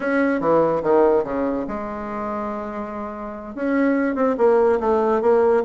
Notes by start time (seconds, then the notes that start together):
0.00 C#4
0.40 E3
0.82 D#3
1.24 C#3
1.67 G#3
3.55 C#4
4.15 C4
4.37 A#3
4.79 A3
5.21 A#3